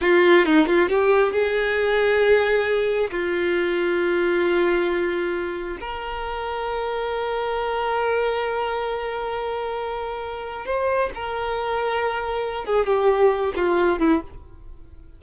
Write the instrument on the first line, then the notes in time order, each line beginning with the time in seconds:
violin
0.01 F4
0.45 D#4
0.66 F4
0.88 G4
1.32 G#4
3.11 F4
5.80 A#4
10.65 C5
11.14 A#4
12.65 G#4
12.86 G4
13.56 F4
13.99 E4